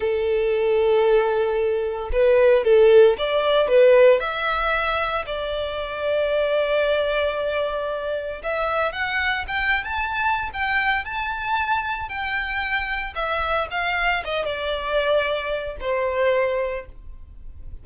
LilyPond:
\new Staff \with { instrumentName = "violin" } { \time 4/4 \tempo 4 = 114 a'1 | b'4 a'4 d''4 b'4 | e''2 d''2~ | d''1 |
e''4 fis''4 g''8. a''4~ a''16 | g''4 a''2 g''4~ | g''4 e''4 f''4 dis''8 d''8~ | d''2 c''2 | }